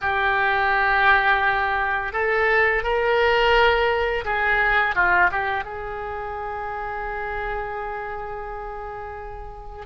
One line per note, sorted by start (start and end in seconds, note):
0.01 2.12 G4
2.12 2.83 A4
2.83 4.24 A#4
4.24 4.95 G#4
4.95 5.30 F4
5.31 5.64 G4
5.64 9.85 G#4